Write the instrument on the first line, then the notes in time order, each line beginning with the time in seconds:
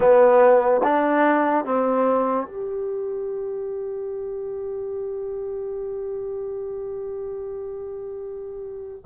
trombone
0.00 B3
0.83 D4
1.64 C4
2.46 G4